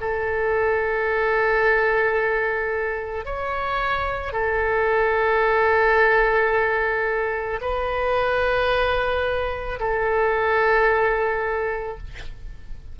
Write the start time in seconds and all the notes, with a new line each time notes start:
0.00 A4
3.25 C#5
4.32 A4
7.61 B4
9.79 A4